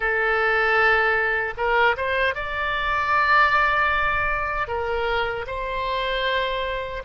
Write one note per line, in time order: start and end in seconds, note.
0.00 1.54 A4
1.57 1.96 A#4
1.96 2.34 C5
2.34 4.68 D5
4.68 5.45 A#4
5.47 7.02 C5